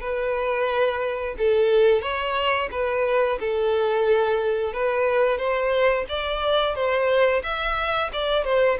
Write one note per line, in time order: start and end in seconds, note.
0.00 1.35 B4
1.38 2.01 A4
2.01 2.69 C#5
2.71 3.38 B4
3.40 4.73 A4
4.73 5.37 B4
5.37 6.05 C5
6.08 6.75 D5
6.75 7.42 C5
7.43 8.10 E5
8.12 8.44 D5
8.44 8.78 C5